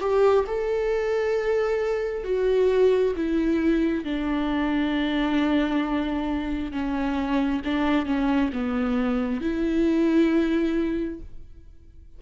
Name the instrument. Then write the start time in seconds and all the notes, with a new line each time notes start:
viola
0.00 G4
0.47 A4
2.24 F#4
3.16 E4
4.04 D4
6.72 C#4
7.64 D4
8.06 C#4
8.52 B3
9.41 E4